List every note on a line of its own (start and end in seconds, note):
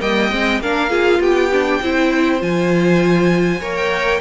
0.00 0.32 G3
0.00 0.30 A#3
0.00 0.61 D#5
0.00 0.61 G5
0.32 0.60 G#3
0.32 0.61 C4
0.60 1.20 A#3
0.60 0.90 D4
0.60 0.90 A#4
0.60 1.22 F5
0.90 1.50 F4
0.90 1.20 G#4
1.20 1.80 B3
1.20 1.80 G4
1.20 2.42 G5
1.52 1.82 D4
1.82 2.42 C4
1.82 2.40 E4
1.82 3.61 C5
2.40 3.62 F3
2.40 3.60 F4
2.40 3.76 G#5
3.61 4.21 A#3
3.61 4.21 A#4
3.61 4.21 C#5
3.76 4.21 G5